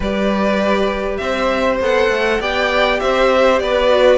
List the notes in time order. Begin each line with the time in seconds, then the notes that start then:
0.00 G3 G4 B4 D5
1.17 C4 C5 E5
1.80 B3 A4 F#5
2.09 A3
2.40 B3 G4 D5 G5
2.99 C4 C5 E5
3.59 B3 B4 D5
3.89 F#4